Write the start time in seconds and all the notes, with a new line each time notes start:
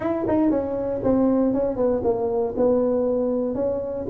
0.00 E4
0.27 D#4
0.50 C#4
1.03 C4
1.53 C#4
1.76 B3
2.03 A#3
2.56 B3
3.55 C#4